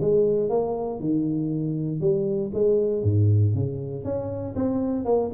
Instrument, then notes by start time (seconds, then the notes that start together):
tuba
0.00 G#3
0.49 A#3
1.00 D#3
2.00 G3
2.54 G#3
3.03 G#2
3.54 C#3
4.04 C#4
4.55 C4
5.05 A#3